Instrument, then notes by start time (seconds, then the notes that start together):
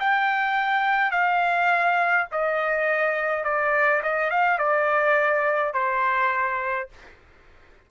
trumpet
0.00 G5
1.11 F5
2.32 D#5
3.44 D5
4.03 D#5
4.31 F5
4.58 D5
5.74 C5